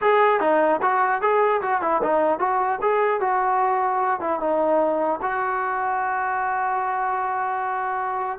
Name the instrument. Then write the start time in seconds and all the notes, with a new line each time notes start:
trombone
0.01 G#4
0.40 D#4
0.82 F#4
1.21 G#4
1.61 F#4
1.81 E4
2.02 D#4
2.39 F#4
2.81 G#4
3.20 F#4
4.20 E4
4.39 D#4
5.21 F#4